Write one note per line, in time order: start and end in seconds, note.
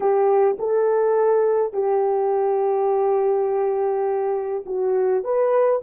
0.00 0.57 G4
0.58 1.73 A4
1.73 4.64 G4
4.65 5.23 F#4
5.23 5.82 B4